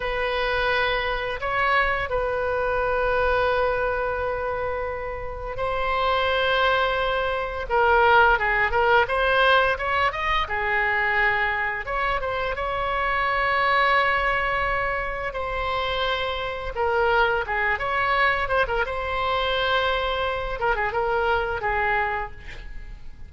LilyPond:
\new Staff \with { instrumentName = "oboe" } { \time 4/4 \tempo 4 = 86 b'2 cis''4 b'4~ | b'1 | c''2. ais'4 | gis'8 ais'8 c''4 cis''8 dis''8 gis'4~ |
gis'4 cis''8 c''8 cis''2~ | cis''2 c''2 | ais'4 gis'8 cis''4 c''16 ais'16 c''4~ | c''4. ais'16 gis'16 ais'4 gis'4 | }